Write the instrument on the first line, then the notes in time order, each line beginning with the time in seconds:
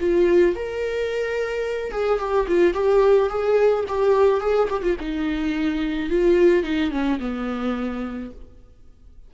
viola
0.00 F4
0.55 A#4
1.91 G#4
2.19 G4
2.47 F4
2.74 G4
3.29 G#4
3.88 G4
4.41 G#4
4.70 G4
4.83 F4
5.00 D#4
6.10 F4
6.63 D#4
6.91 C#4
7.19 B3